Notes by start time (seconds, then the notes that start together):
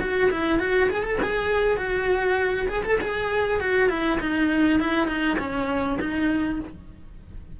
0.00 F#4
0.31 E4
0.59 F#4
0.90 G#4
1.03 A4
1.22 G#4
1.77 F#4
2.68 G#4
2.84 A4
3.01 G#4
3.60 F#4
3.89 E4
4.20 D#4
4.79 E4
5.07 D#4
5.38 C#4
5.99 D#4